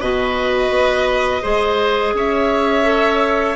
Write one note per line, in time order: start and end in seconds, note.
0.00 0.70 B2
0.00 1.42 F#4
0.00 1.42 B4
0.00 2.14 D#5
0.70 1.41 B3
1.42 2.13 G#3
1.42 2.83 G#4
1.42 2.13 C5
2.13 3.56 C#4
2.13 3.56 C#5
2.13 3.56 E5
2.83 3.55 A4